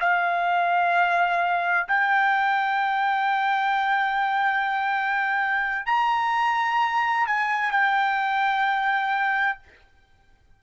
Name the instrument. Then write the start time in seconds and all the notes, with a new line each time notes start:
trumpet
0.00 F5
1.88 G5
5.86 A#5
7.27 G#5
7.71 G5